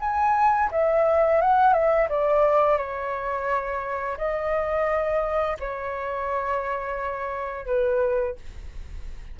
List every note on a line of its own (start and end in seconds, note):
0.00 0.70 G#5
0.71 1.41 E5
1.41 1.73 F#5
1.73 2.08 E5
2.09 2.77 D5
2.77 4.17 C#5
4.17 5.57 D#5
5.60 7.66 C#5
7.66 8.36 B4